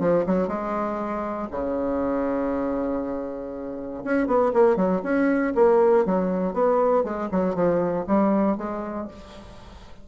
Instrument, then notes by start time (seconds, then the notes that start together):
bassoon
0.00 F3
0.26 F#3
0.48 G#3
1.51 C#3
4.04 C#4
4.27 B3
4.53 A#3
4.76 F#3
5.03 C#4
5.55 A#3
6.05 F#3
6.53 B3
7.04 G#3
7.31 F#3
7.55 F3
8.07 G3
8.58 G#3